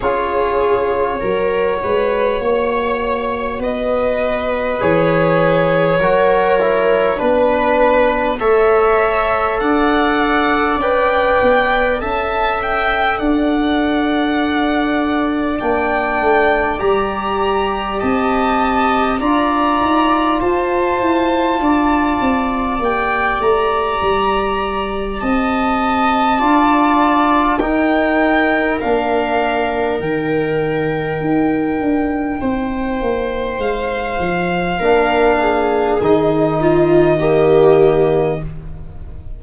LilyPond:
<<
  \new Staff \with { instrumentName = "violin" } { \time 4/4 \tempo 4 = 50 cis''2. dis''4 | cis''2 b'4 e''4 | fis''4 g''4 a''8 g''8 fis''4~ | fis''4 g''4 ais''4 a''4 |
ais''4 a''2 g''8 ais''8~ | ais''4 a''2 g''4 | f''4 g''2. | f''2 dis''2 | }
  \new Staff \with { instrumentName = "viola" } { \time 4/4 gis'4 ais'8 b'8 cis''4 b'4~ | b'4 ais'4 b'4 cis''4 | d''2 e''4 d''4~ | d''2. dis''4 |
d''4 c''4 d''2~ | d''4 dis''4 d''4 ais'4~ | ais'2. c''4~ | c''4 ais'8 gis'4 f'8 g'4 | }
  \new Staff \with { instrumentName = "trombone" } { \time 4/4 f'4 fis'2. | gis'4 fis'8 e'8 d'4 a'4~ | a'4 b'4 a'2~ | a'4 d'4 g'2 |
f'2. g'4~ | g'2 f'4 dis'4 | d'4 dis'2.~ | dis'4 d'4 dis'4 ais4 | }
  \new Staff \with { instrumentName = "tuba" } { \time 4/4 cis'4 fis8 gis8 ais4 b4 | e4 fis4 b4 a4 | d'4 cis'8 b8 cis'4 d'4~ | d'4 ais8 a8 g4 c'4 |
d'8 dis'8 f'8 e'8 d'8 c'8 ais8 a8 | g4 c'4 d'4 dis'4 | ais4 dis4 dis'8 d'8 c'8 ais8 | gis8 f8 ais4 dis2 | }
>>